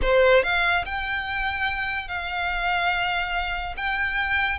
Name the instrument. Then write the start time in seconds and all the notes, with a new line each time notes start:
violin
0.02 C5
0.43 F5
0.85 G5
2.08 F5
3.76 G5